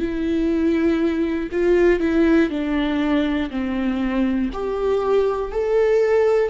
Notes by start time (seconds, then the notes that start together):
0.00 E4
1.52 F4
2.00 E4
2.50 D4
3.51 C4
4.53 G4
5.52 A4